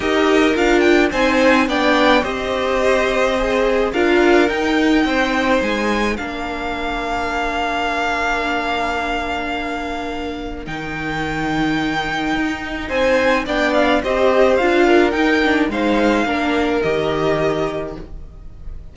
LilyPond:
<<
  \new Staff \with { instrumentName = "violin" } { \time 4/4 \tempo 4 = 107 dis''4 f''8 g''8 gis''4 g''4 | dis''2. f''4 | g''2 gis''4 f''4~ | f''1~ |
f''2. g''4~ | g''2. gis''4 | g''8 f''8 dis''4 f''4 g''4 | f''2 dis''2 | }
  \new Staff \with { instrumentName = "violin" } { \time 4/4 ais'2 c''4 d''4 | c''2. ais'4~ | ais'4 c''2 ais'4~ | ais'1~ |
ais'1~ | ais'2. c''4 | d''4 c''4. ais'4. | c''4 ais'2. | }
  \new Staff \with { instrumentName = "viola" } { \time 4/4 g'4 f'4 dis'4 d'4 | g'2 gis'4 f'4 | dis'2. d'4~ | d'1~ |
d'2. dis'4~ | dis'1 | d'4 g'4 f'4 dis'8 d'8 | dis'4 d'4 g'2 | }
  \new Staff \with { instrumentName = "cello" } { \time 4/4 dis'4 d'4 c'4 b4 | c'2. d'4 | dis'4 c'4 gis4 ais4~ | ais1~ |
ais2. dis4~ | dis2 dis'4 c'4 | b4 c'4 d'4 dis'4 | gis4 ais4 dis2 | }
>>